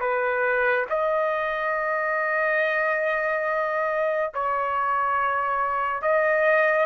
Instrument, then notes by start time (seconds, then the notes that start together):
trumpet
0.00 B4
0.89 D#5
4.34 C#5
6.02 D#5